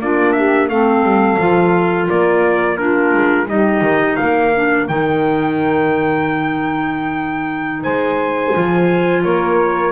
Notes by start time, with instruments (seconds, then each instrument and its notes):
0.00 double bass A#3, clarinet D4, saxophone F4, trumpet D5
0.32 saxophone G4, trumpet E5
0.69 double bass A3, clarinet C4, saxophone A4, trumpet F5
1.02 double bass G3
1.38 double bass F3, clarinet F4
2.08 double bass A#3, saxophone A#4, trumpet D5
2.77 clarinet D4, saxophone F4, trumpet A#4
3.14 double bass G#3
3.47 double bass G3, clarinet D#4, saxophone G4, trumpet D#5
3.81 double bass D#3
4.16 double bass A#3, saxophone A#4, trumpet F5
4.55 clarinet D4
4.88 double bass D#3, clarinet D#4, trumpet G5
7.83 double bass G#3, saxophone C5, trumpet G#5
8.53 double bass F3, clarinet F4
9.23 double bass A#3, saxophone A#4, trumpet C#5